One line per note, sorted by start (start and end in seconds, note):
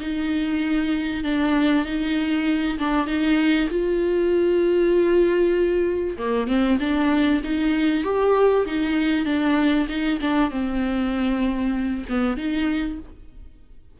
0.00 1.24 D#4
1.24 1.85 D4
1.85 2.78 D#4
2.78 3.06 D4
3.06 3.68 D#4
3.70 6.17 F4
6.18 6.47 A#3
6.47 6.78 C4
6.80 7.42 D4
7.44 8.04 D#4
8.04 8.65 G4
8.66 9.26 D#4
9.26 9.87 D4
9.89 10.19 D#4
10.21 10.50 D4
10.50 12.05 C4
12.09 12.37 B3
12.37 12.99 D#4